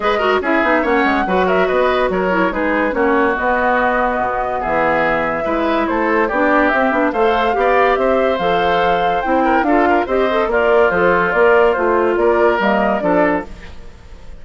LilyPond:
<<
  \new Staff \with { instrumentName = "flute" } { \time 4/4 \tempo 4 = 143 dis''4 e''4 fis''4. e''8 | dis''4 cis''4 b'4 cis''4 | dis''2. e''4~ | e''2 c''4 d''4 |
e''4 f''2 e''4 | f''2 g''4 f''4 | dis''4 d''4 c''4 d''4 | c''4 d''4 dis''4 d''4 | }
  \new Staff \with { instrumentName = "oboe" } { \time 4/4 b'8 ais'8 gis'4 cis''4 b'8 ais'8 | b'4 ais'4 gis'4 fis'4~ | fis'2. gis'4~ | gis'4 b'4 a'4 g'4~ |
g'4 c''4 d''4 c''4~ | c''2~ c''8 ais'8 a'8 ais'8 | c''4 f'2.~ | f'4 ais'2 a'4 | }
  \new Staff \with { instrumentName = "clarinet" } { \time 4/4 gis'8 fis'8 e'8 dis'8 cis'4 fis'4~ | fis'4. e'8 dis'4 cis'4 | b1~ | b4 e'2 d'4 |
c'8 d'8 a'4 g'2 | a'2 e'4 f'4 | g'8 a'8 ais'4 a'4 ais'4 | f'2 ais4 d'4 | }
  \new Staff \with { instrumentName = "bassoon" } { \time 4/4 gis4 cis'8 b8 ais8 gis8 fis4 | b4 fis4 gis4 ais4 | b2 b,4 e4~ | e4 gis4 a4 b4 |
c'8 b8 a4 b4 c'4 | f2 c'4 d'4 | c'4 ais4 f4 ais4 | a4 ais4 g4 f4 | }
>>